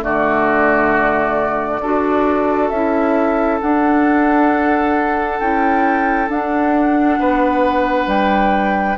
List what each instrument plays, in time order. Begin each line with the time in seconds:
0.00 bassoon D3, clarinet A3, oboe F#4, flute D5
1.81 bassoon D4, clarinet F#4, oboe A4
2.69 bassoon C#4, clarinet E4, flute E5
3.60 clarinet D4, bassoon D4, flute F#5
5.39 bassoon C#4, clarinet E4, flute G5
6.29 bassoon D4, clarinet D4, flute F#5
7.18 bassoon B3, oboe B4
8.07 bassoon G3, flute G5